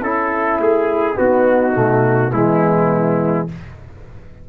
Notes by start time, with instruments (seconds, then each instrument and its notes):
0.00 tuba C#4, horn E4, trombone E4, trumpet A4
0.59 tuba A3, trumpet G#4
1.15 trombone B3, tuba B3, horn D#4, trumpet F#4
1.73 tuba B2, trombone A3
2.33 tuba E3, trombone G#3, horn B3, trumpet E4